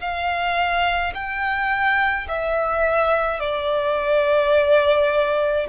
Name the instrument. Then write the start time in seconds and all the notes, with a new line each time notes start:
violin
0.00 F5
1.14 G5
2.28 E5
3.40 D5